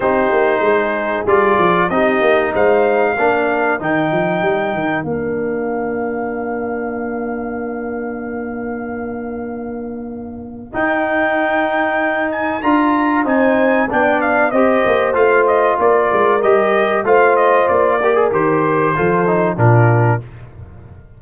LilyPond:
<<
  \new Staff \with { instrumentName = "trumpet" } { \time 4/4 \tempo 4 = 95 c''2 d''4 dis''4 | f''2 g''2 | f''1~ | f''1~ |
f''4 g''2~ g''8 gis''8 | ais''4 gis''4 g''8 f''8 dis''4 | f''8 dis''8 d''4 dis''4 f''8 dis''8 | d''4 c''2 ais'4 | }
  \new Staff \with { instrumentName = "horn" } { \time 4/4 g'4 gis'2 g'4 | c''4 ais'2.~ | ais'1~ | ais'1~ |
ais'1~ | ais'4 c''4 d''4 c''4~ | c''4 ais'2 c''4~ | c''8 ais'4. a'4 f'4 | }
  \new Staff \with { instrumentName = "trombone" } { \time 4/4 dis'2 f'4 dis'4~ | dis'4 d'4 dis'2 | d'1~ | d'1~ |
d'4 dis'2. | f'4 dis'4 d'4 g'4 | f'2 g'4 f'4~ | f'8 g'16 gis'16 g'4 f'8 dis'8 d'4 | }
  \new Staff \with { instrumentName = "tuba" } { \time 4/4 c'8 ais8 gis4 g8 f8 c'8 ais8 | gis4 ais4 dis8 f8 g8 dis8 | ais1~ | ais1~ |
ais4 dis'2. | d'4 c'4 b4 c'8 ais8 | a4 ais8 gis8 g4 a4 | ais4 dis4 f4 ais,4 | }
>>